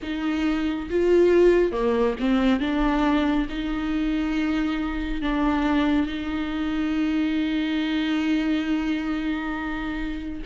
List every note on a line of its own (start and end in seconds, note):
0.02 0.89 D#4
0.90 1.72 F4
1.72 2.15 A#3
2.19 2.60 C4
2.60 3.47 D4
3.49 5.21 D#4
5.21 6.07 D4
6.07 10.42 D#4